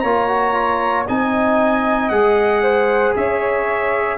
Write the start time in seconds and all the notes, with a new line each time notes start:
0.00 A#3 F4 C#5 A#5
0.28 F#4
0.54 F4
1.07 C4 D#4 D#5 G#5
2.09 G#3 G#4 F#5
2.63 C5
3.16 C#4 C#5 E5